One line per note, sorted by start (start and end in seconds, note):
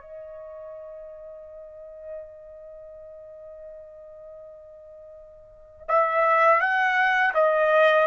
0.00 5.85 D#5
5.88 6.60 E5
6.60 7.33 F#5
7.34 8.07 D#5